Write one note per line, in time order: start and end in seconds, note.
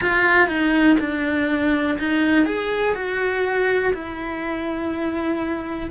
0.01 0.48 F4
0.48 0.97 D#4
0.99 1.98 D4
1.98 2.45 D#4
2.45 2.94 G#4
2.94 3.93 F#4
3.93 5.90 E4